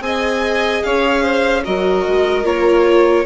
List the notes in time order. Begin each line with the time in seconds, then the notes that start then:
0.00 C4 G#4 D#5 G#5
0.83 C#4 C#5 F5
1.22 C5
1.64 F#3 F#4 A#4 D#5
2.07 G#3
2.43 A#3 F4 C#5